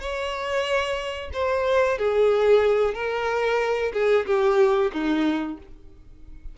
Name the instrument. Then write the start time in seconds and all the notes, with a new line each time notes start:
violin
0.00 C#5
1.33 C5
1.98 G#4
2.94 A#4
3.93 G#4
4.26 G4
4.93 D#4